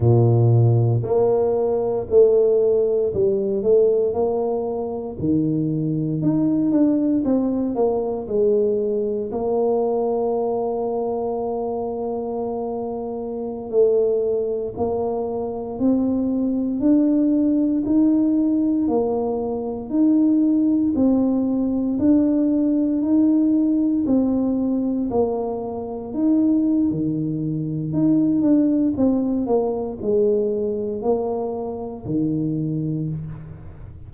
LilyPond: \new Staff \with { instrumentName = "tuba" } { \time 4/4 \tempo 4 = 58 ais,4 ais4 a4 g8 a8 | ais4 dis4 dis'8 d'8 c'8 ais8 | gis4 ais2.~ | ais4~ ais16 a4 ais4 c'8.~ |
c'16 d'4 dis'4 ais4 dis'8.~ | dis'16 c'4 d'4 dis'4 c'8.~ | c'16 ais4 dis'8. dis4 dis'8 d'8 | c'8 ais8 gis4 ais4 dis4 | }